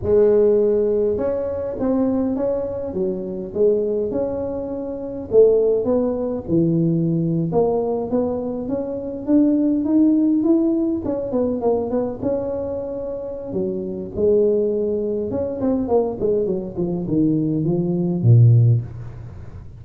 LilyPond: \new Staff \with { instrumentName = "tuba" } { \time 4/4 \tempo 4 = 102 gis2 cis'4 c'4 | cis'4 fis4 gis4 cis'4~ | cis'4 a4 b4 e4~ | e8. ais4 b4 cis'4 d'16~ |
d'8. dis'4 e'4 cis'8 b8 ais16~ | ais16 b8 cis'2~ cis'16 fis4 | gis2 cis'8 c'8 ais8 gis8 | fis8 f8 dis4 f4 ais,4 | }